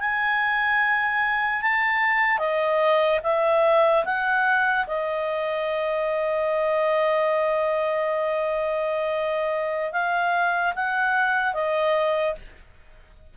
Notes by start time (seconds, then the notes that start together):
0.00 G#5
1.62 A5
2.38 D#5
3.23 E5
4.05 F#5
4.87 D#5
9.93 F5
10.75 F#5
11.54 D#5